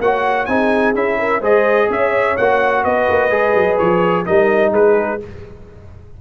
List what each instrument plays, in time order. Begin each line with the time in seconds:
0.00 tuba A#3, trombone F#4, horn C#5, trumpet F#5
0.46 tuba C4, trombone D#4, horn G#4, trumpet G#5
0.94 tuba C#4, trombone E4, trumpet E5
1.19 horn A#4
1.41 tuba G#3, trombone G#4, horn C5, trumpet D#5
1.90 tuba C#4, horn C#5, trumpet E5
2.37 tuba A#3, trombone F#4, trumpet F#5
2.84 tuba B3, horn B4, trumpet D#5
3.10 tuba A#3
3.31 tuba G#3, trombone G#4
3.55 tuba F#3
3.79 tuba F3, trumpet C#5
4.26 tuba G3, trombone D#4, horn A#4, trumpet D#5
4.72 tuba G#3, horn G#4, trumpet B4